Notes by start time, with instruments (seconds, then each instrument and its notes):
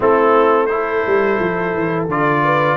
0.00 tuba A3, trombone C4, horn E4, trumpet A4
0.66 trombone E4, trumpet C5
0.72 horn A4
1.06 tuba G3
1.39 tuba F3
1.73 tuba E3
2.08 tuba D3, trombone F4, trumpet D5
2.43 horn B4